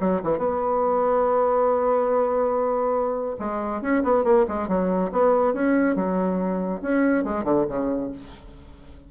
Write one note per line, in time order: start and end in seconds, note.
0.00 0.21 F#3
0.23 0.38 E3
0.38 3.36 B3
3.39 3.82 G#3
3.82 4.03 C#4
4.03 4.24 B3
4.24 4.45 A#3
4.48 4.68 G#3
4.68 5.10 F#3
5.12 5.54 B3
5.54 5.96 C#4
5.96 6.81 F#3
6.82 7.24 C#4
7.24 7.44 G#3
7.44 7.65 D3
7.68 8.11 C#3